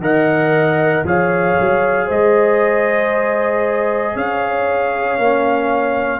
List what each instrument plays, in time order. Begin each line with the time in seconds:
0.00 tuba D#3, trombone A#4, horn D#5, trumpet F#5
1.04 tuba F3, trombone G#4, horn C#5, trumpet F5
1.60 tuba F#3
2.06 tuba G#3, horn C5, trumpet D#5
4.14 tuba C#4, horn C#5, trumpet F5
5.18 tuba A#3, trombone C#4